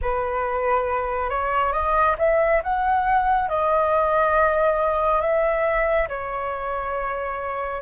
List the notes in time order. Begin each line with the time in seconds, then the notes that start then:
0.01 B4
1.29 C#5
1.72 D#5
2.18 E5
2.63 F#5
3.48 D#5
5.21 E5
6.08 C#5